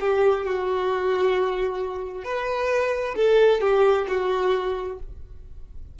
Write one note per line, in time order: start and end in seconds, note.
0.00 0.45 G4
0.45 2.24 F#4
2.24 3.15 B4
3.16 3.61 A4
3.61 4.06 G4
4.07 4.98 F#4